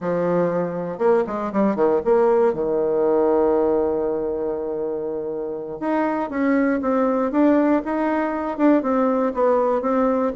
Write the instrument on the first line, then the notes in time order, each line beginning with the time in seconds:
bassoon
0.00 F3
0.98 A#3
1.26 G#3
1.52 G3
1.75 D#3
2.04 A#3
2.53 D#3
5.80 D#4
6.30 C#4
6.81 C4
7.31 D4
7.84 D#4
8.57 D4
8.82 C4
9.33 B3
9.81 C4